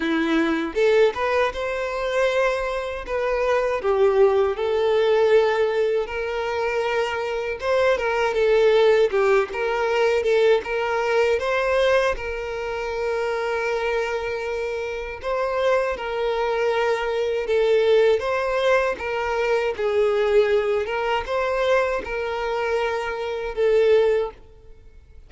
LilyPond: \new Staff \with { instrumentName = "violin" } { \time 4/4 \tempo 4 = 79 e'4 a'8 b'8 c''2 | b'4 g'4 a'2 | ais'2 c''8 ais'8 a'4 | g'8 ais'4 a'8 ais'4 c''4 |
ais'1 | c''4 ais'2 a'4 | c''4 ais'4 gis'4. ais'8 | c''4 ais'2 a'4 | }